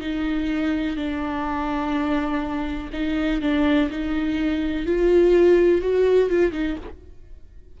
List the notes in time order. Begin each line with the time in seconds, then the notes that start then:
0.00 D#4
0.96 D4
2.92 D#4
3.40 D4
3.90 D#4
4.85 F4
5.82 F#4
6.29 F4
6.52 D#4